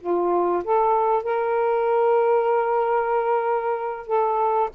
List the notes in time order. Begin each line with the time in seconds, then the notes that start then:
0.00 F4
0.63 A4
1.23 A#4
4.07 A4